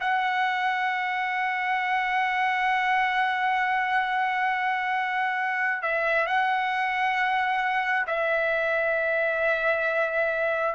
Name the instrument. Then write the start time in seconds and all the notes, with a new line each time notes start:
trumpet
0.00 F#5
5.82 E5
6.26 F#5
8.07 E5